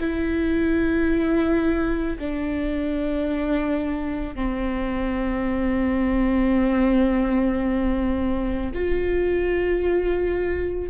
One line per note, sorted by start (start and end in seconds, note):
0.00 2.18 E4
2.19 4.35 D4
4.35 8.72 C4
8.75 10.90 F4